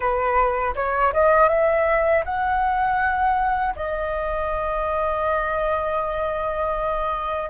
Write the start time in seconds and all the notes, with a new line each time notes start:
0.00 B4
0.75 C#5
1.13 D#5
1.49 E5
2.24 F#5
3.75 D#5